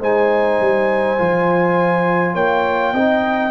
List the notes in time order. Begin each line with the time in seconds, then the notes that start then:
0.00 G#3 D#4 C5 G#5
0.60 G3
1.18 F3 F4
2.34 A#3 C#5 G5
2.93 C4 D#4 D#5